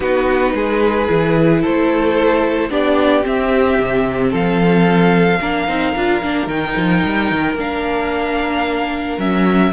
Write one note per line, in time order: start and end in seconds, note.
0.00 0.53 B3
0.00 1.08 D#4
0.00 0.53 F#4
0.00 1.62 B4
0.53 1.07 G#3
0.53 1.61 G#4
1.08 1.63 E3
1.08 2.69 E4
1.61 2.69 A3
1.61 2.69 A4
1.61 2.71 C5
2.69 3.24 B3
2.69 3.22 D4
2.69 4.31 G4
2.69 3.26 D5
3.22 5.38 C4
3.22 3.78 C4
3.22 4.34 E5
3.78 4.32 C3
4.31 5.41 F3
4.31 5.39 A4
4.31 6.48 F5
5.40 5.68 A#3
5.40 5.67 D4
5.40 9.72 A#4
5.67 5.95 C4
5.67 5.94 D#4
5.95 6.22 D4
5.95 6.22 F4
6.22 6.46 A#3
6.22 6.48 D4
6.46 6.73 D#3
6.46 7.56 D#4
6.46 7.56 G5
6.76 7.03 F3
7.04 7.31 G3
7.31 7.54 D#3
7.54 9.16 A#3
7.54 9.19 D4
7.54 9.19 F5
9.18 9.72 F#3
9.18 9.72 C#4
9.18 9.72 E5